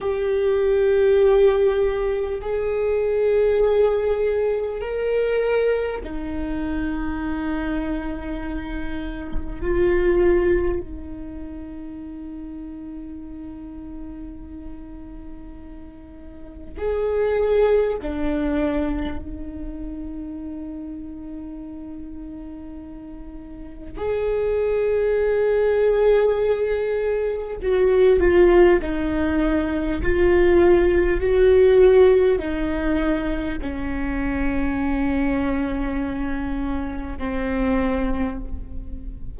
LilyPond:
\new Staff \with { instrumentName = "viola" } { \time 4/4 \tempo 4 = 50 g'2 gis'2 | ais'4 dis'2. | f'4 dis'2.~ | dis'2 gis'4 d'4 |
dis'1 | gis'2. fis'8 f'8 | dis'4 f'4 fis'4 dis'4 | cis'2. c'4 | }